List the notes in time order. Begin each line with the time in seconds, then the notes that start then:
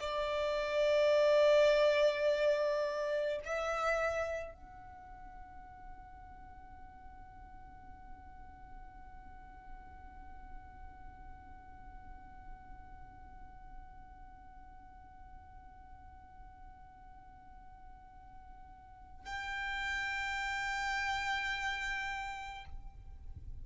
0.00 D5
3.45 E5
4.54 F#5
19.26 G5